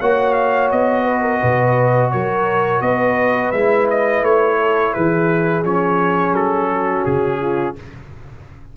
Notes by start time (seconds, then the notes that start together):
0.00 A#3 F#4 C#5 F#5
0.34 F5
0.71 B3 D#5
1.03 B4
1.21 A#4
1.40 B2 B4
2.11 F#3 A#4 C#5
2.81 B3 B4 D#5
3.51 G#3 E4 E5
3.90 D#5
4.22 A3 C#5
4.58 A4
4.93 E3 G#4 B4
5.64 F3 C#4 C#5
6.32 F#3 A4
6.73 F#4
7.05 C#3 G#4
7.40 F4